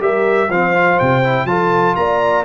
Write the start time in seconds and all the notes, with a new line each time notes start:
0.00 G3 G4 A#4 E5
0.49 F3 C4 C5 F5
0.74 F4
1.00 C3 G5
1.23 E4
1.45 F3 F4 A4 A5
1.96 A#3 D5 A#5